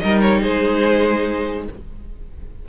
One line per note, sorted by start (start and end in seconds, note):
0.00 0.45 G3
0.00 1.68 D#4
0.00 0.42 A#4
0.00 0.21 D#5
0.21 0.42 C#5
0.42 1.68 G#3
0.42 1.65 G#4
0.42 1.66 C5